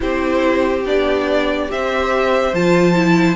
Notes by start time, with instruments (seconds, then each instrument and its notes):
0.00 cello C4, viola E4, violin G4 C5
0.85 cello B3, viola D4, violin D5
1.68 cello C4, viola G4, violin C5 E5
2.53 cello F3, viola F4, violin A5
2.94 viola E4